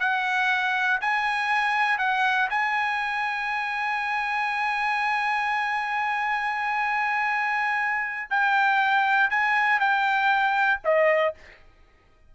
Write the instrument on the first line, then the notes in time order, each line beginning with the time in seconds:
trumpet
0.00 F#5
1.01 G#5
1.99 F#5
2.50 G#5
8.31 G5
9.30 G#5
9.80 G5
10.84 D#5